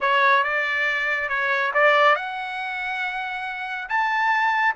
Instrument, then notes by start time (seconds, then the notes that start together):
trumpet
0.01 C#5
0.43 D5
1.29 C#5
1.74 D5
2.15 F#5
3.88 A5